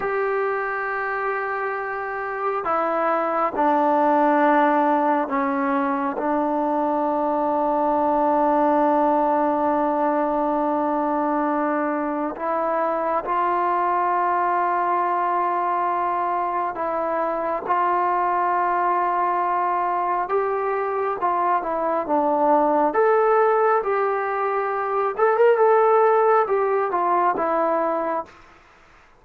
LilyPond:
\new Staff \with { instrumentName = "trombone" } { \time 4/4 \tempo 4 = 68 g'2. e'4 | d'2 cis'4 d'4~ | d'1~ | d'2 e'4 f'4~ |
f'2. e'4 | f'2. g'4 | f'8 e'8 d'4 a'4 g'4~ | g'8 a'16 ais'16 a'4 g'8 f'8 e'4 | }